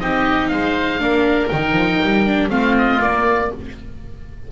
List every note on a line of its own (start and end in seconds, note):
0.00 0.52 C4
0.00 0.99 D#4
0.00 0.51 G4
0.00 0.49 D#5
0.49 1.01 G#3
0.49 1.01 C5
0.49 1.49 F5
0.99 1.51 A#3
0.99 1.49 D4
0.99 2.51 A#4
1.49 1.73 D#3
1.49 2.26 D#4
1.49 2.49 G5
1.73 1.98 F3
2.03 2.51 G3
2.26 2.50 D4
2.50 3.01 A3
2.50 3.00 C4
2.50 3.51 F4
2.50 2.76 F5
2.78 3.02 D#5
3.00 3.50 A#3
3.00 3.52 A#3
3.00 3.52 D5